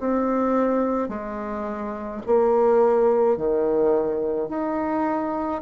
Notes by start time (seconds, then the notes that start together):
0.00 C4
1.09 G#3
2.26 A#3
3.37 D#3
4.49 D#4